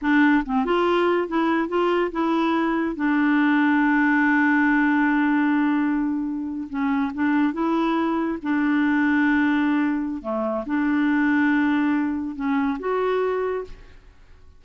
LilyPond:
\new Staff \with { instrumentName = "clarinet" } { \time 4/4 \tempo 4 = 141 d'4 c'8 f'4. e'4 | f'4 e'2 d'4~ | d'1~ | d'2.~ d'8. cis'16~ |
cis'8. d'4 e'2 d'16~ | d'1 | a4 d'2.~ | d'4 cis'4 fis'2 | }